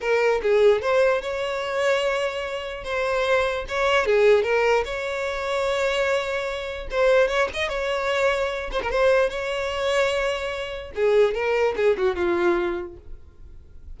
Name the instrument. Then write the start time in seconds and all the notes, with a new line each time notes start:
violin
0.00 A#4
0.42 G#4
0.81 C5
1.21 C#5
2.84 C5
3.68 C#5
4.05 G#4
4.43 A#4
4.84 C#5
6.90 C5
7.28 C#5
7.53 D#5
7.68 C#5
8.71 C5
8.82 A#4
8.90 C5
9.29 C#5
10.95 G#4
11.34 A#4
11.76 G#4
11.97 F#4
12.15 F4